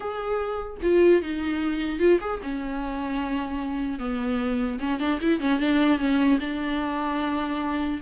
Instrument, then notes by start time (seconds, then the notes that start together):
viola
0.00 G#4
0.82 F4
1.21 D#4
1.99 F4
2.20 G#4
2.42 C#4
3.99 B3
4.79 C#4
4.99 D4
5.21 E4
5.39 C#4
5.59 D4
5.98 C#4
6.39 D4